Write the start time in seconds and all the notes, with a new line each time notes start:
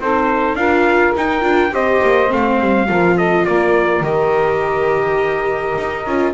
0.00 C4 D#4 A4 C5
0.55 D4 F4 A#4 F5
1.16 D#4 G5
1.42 D4 F4
1.72 C4 G4 C5 D#5
2.03 A#3
2.28 A3 C4 F5
2.61 G3
2.88 F3 F4 A#4
3.17 A4 D#5
3.46 A#3 A#4 D5
4.01 D#3 G4 D#5
5.78 D#4
6.06 C#4 F4